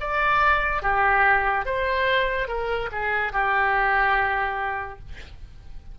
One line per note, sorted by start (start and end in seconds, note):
0.00 0.82 D5
0.82 1.65 G4
1.65 2.48 C5
2.48 2.89 A#4
2.91 3.32 G#4
3.32 4.99 G4